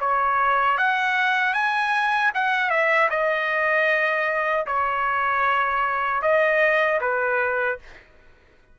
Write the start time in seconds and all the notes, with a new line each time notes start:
0.00 C#5
0.78 F#5
1.53 G#5
2.34 F#5
2.70 E5
3.10 D#5
4.66 C#5
6.22 D#5
7.01 B4